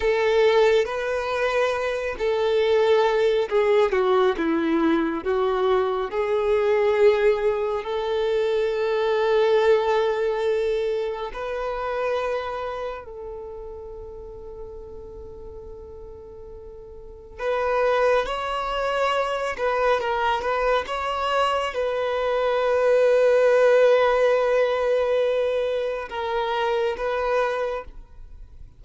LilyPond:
\new Staff \with { instrumentName = "violin" } { \time 4/4 \tempo 4 = 69 a'4 b'4. a'4. | gis'8 fis'8 e'4 fis'4 gis'4~ | gis'4 a'2.~ | a'4 b'2 a'4~ |
a'1 | b'4 cis''4. b'8 ais'8 b'8 | cis''4 b'2.~ | b'2 ais'4 b'4 | }